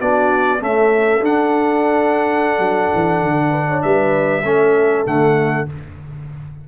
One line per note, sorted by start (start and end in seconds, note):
0.00 0.62 B3
0.00 0.60 D4
0.00 0.61 F#4
0.00 0.62 D5
0.60 1.21 A3
0.60 1.22 C#4
0.60 3.50 A4
0.60 1.25 E5
1.22 2.59 D4
1.22 4.43 D4
1.22 3.83 F#5
2.59 2.90 F#3
2.95 3.22 E3
3.22 3.83 D3
3.50 3.66 B4
3.69 3.84 C#5
3.83 4.43 G3
3.83 4.44 B4
3.83 5.05 E5
4.43 5.04 A3
4.43 5.06 C#4
4.43 5.66 A4
5.06 5.68 D3
5.06 5.67 A3
5.06 5.68 F#5